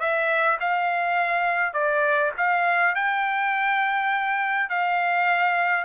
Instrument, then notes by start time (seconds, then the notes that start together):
trumpet
0.00 E5
0.61 F5
1.74 D5
2.38 F5
2.95 G5
4.70 F5